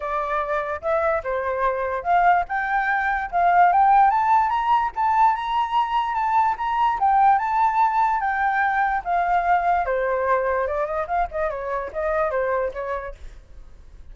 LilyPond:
\new Staff \with { instrumentName = "flute" } { \time 4/4 \tempo 4 = 146 d''2 e''4 c''4~ | c''4 f''4 g''2 | f''4 g''4 a''4 ais''4 | a''4 ais''2 a''4 |
ais''4 g''4 a''2 | g''2 f''2 | c''2 d''8 dis''8 f''8 dis''8 | cis''4 dis''4 c''4 cis''4 | }